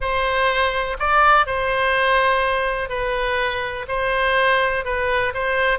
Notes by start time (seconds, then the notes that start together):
0.00 C5
0.99 D5
1.46 C5
2.89 B4
3.88 C5
4.85 B4
5.34 C5